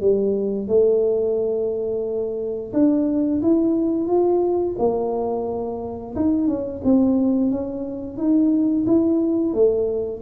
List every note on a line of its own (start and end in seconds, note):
0.00 0.68 G3
0.68 2.72 A3
2.73 3.41 D4
3.42 4.07 E4
4.07 4.75 F4
4.78 6.15 A#3
6.15 6.47 D#4
6.47 6.82 C#4
6.84 7.50 C4
7.50 8.17 C#4
8.17 8.85 D#4
8.86 9.54 E4
9.54 10.22 A3